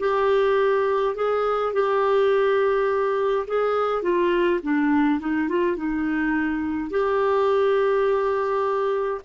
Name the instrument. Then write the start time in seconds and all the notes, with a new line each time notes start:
clarinet
0.00 G4
1.16 G#4
1.74 G4
3.48 G#4
4.03 F4
4.64 D4
5.20 D#4
5.49 F4
5.77 D#4
6.91 G4